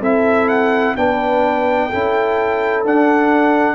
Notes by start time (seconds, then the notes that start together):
0.00 C4 E4 A4 E5
0.48 F#5
0.96 B3 D4 B4 G5
1.89 C#4 E4 A4
2.84 D4 F#5